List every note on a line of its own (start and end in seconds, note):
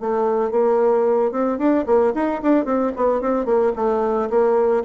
0.00 0.51 A3
0.51 1.31 A#3
1.31 1.58 C4
1.58 1.85 D4
1.86 2.13 A#3
2.14 2.41 D#4
2.42 2.65 D4
2.65 2.91 C4
2.96 3.21 B3
3.21 3.45 C4
3.45 3.72 A#3
3.76 4.29 A3
4.30 4.83 A#3